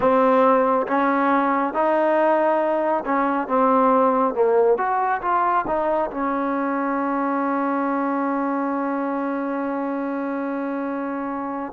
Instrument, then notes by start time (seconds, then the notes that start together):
trombone
0.00 C4
0.87 C#4
1.73 D#4
3.05 C#4
3.47 C4
4.34 A#3
4.77 F#4
5.21 F4
5.67 D#4
6.11 C#4